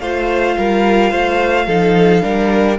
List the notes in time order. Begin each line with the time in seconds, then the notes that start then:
0.00 A3 F4 C5 F5
0.59 G3 A#4
1.11 A3 C5
1.67 F3 D#4 A4
2.22 G3 D4 A#4